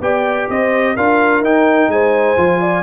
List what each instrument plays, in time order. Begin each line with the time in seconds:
0.00 tuba B3, trombone G4, horn D5, trumpet G5
0.49 tuba C4, horn C5, trumpet D#5
0.95 tuba D4, trombone F4, horn A#4, trumpet F5
1.40 tuba D#4, trombone D#4, trumpet G5
1.88 tuba G#3, horn C5, trumpet G#5
2.36 tuba F3, trombone F4
2.60 horn D5